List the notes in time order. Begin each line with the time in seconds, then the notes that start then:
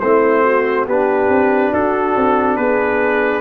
0.00 A3 C4 E4 C5
0.44 F#4
0.87 B3 D4 G4 B4
1.29 C4
1.72 D4 F#4 A4
2.17 C4
2.57 B3 G#4 B4